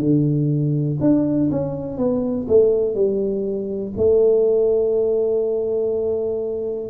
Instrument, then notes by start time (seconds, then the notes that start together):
tuba
0.00 D3
1.01 D4
1.51 C#4
1.98 B3
2.49 A3
2.95 G3
3.97 A3